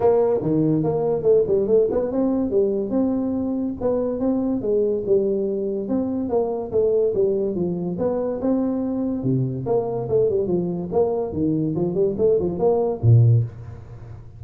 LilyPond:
\new Staff \with { instrumentName = "tuba" } { \time 4/4 \tempo 4 = 143 ais4 dis4 ais4 a8 g8 | a8 b8 c'4 g4 c'4~ | c'4 b4 c'4 gis4 | g2 c'4 ais4 |
a4 g4 f4 b4 | c'2 c4 ais4 | a8 g8 f4 ais4 dis4 | f8 g8 a8 f8 ais4 ais,4 | }